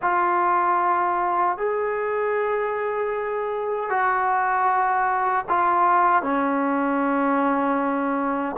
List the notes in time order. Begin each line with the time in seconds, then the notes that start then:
0.01 F4
1.57 G#4
3.89 F#4
5.49 F4
6.22 C#4